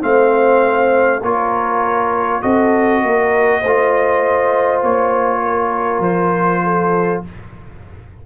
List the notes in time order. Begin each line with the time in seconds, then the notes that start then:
0.00 A3 C4 C5 F5
1.21 A#3 F4 A#4 C#5
2.42 C4 F#4 A4 D#5
3.02 A#3 A#4
3.60 A3 F4 C5
4.83 A#3 C#5
5.42 A#4
5.99 F3 C5
6.63 A4